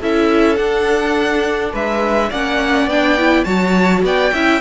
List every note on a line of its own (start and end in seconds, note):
0.00 0.59 C#4
0.00 0.56 E4
0.00 1.73 A4
0.00 0.56 E5
0.56 2.29 D4
0.56 1.73 D4
0.56 1.71 F#5
1.73 2.31 G#3
1.73 2.29 B4
1.73 2.31 E5
2.29 2.87 A#3
2.29 2.90 C#4
2.29 3.45 D5
2.29 2.89 F#5
2.87 3.44 B3
2.87 3.17 D4
2.87 3.44 G5
3.17 3.45 E4
3.44 4.03 F#3
3.44 4.31 F#4
3.44 4.02 C#5
3.44 4.01 A5
4.03 4.31 B3
4.03 4.33 D5
4.03 4.61 G5
4.33 4.61 C#4
4.33 4.61 E4
4.33 4.61 E5